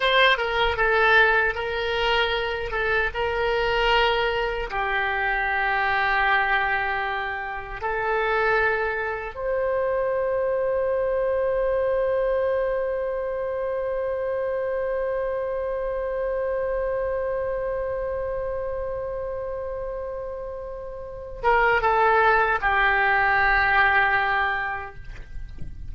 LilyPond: \new Staff \with { instrumentName = "oboe" } { \time 4/4 \tempo 4 = 77 c''8 ais'8 a'4 ais'4. a'8 | ais'2 g'2~ | g'2 a'2 | c''1~ |
c''1~ | c''1~ | c''2.~ c''8 ais'8 | a'4 g'2. | }